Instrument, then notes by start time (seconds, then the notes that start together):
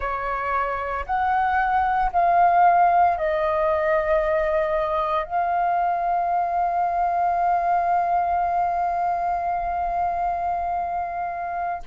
flute
0.00 C#5
1.06 F#5
2.12 F5
3.17 D#5
5.24 F5